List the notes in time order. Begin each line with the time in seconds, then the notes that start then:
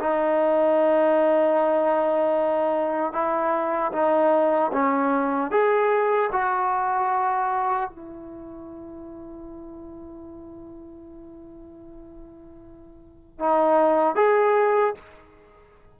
0.00 D#4
3.13 E4
3.93 D#4
4.73 C#4
5.51 G#4
6.32 F#4
7.90 E4
13.40 D#4
14.16 G#4